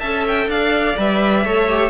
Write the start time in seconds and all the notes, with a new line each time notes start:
0.00 C#4 A4 E5 A5
0.28 G5
0.47 D4 D5 F5
0.98 G3 B4 E5
1.45 A3 A4 C#5
1.70 G4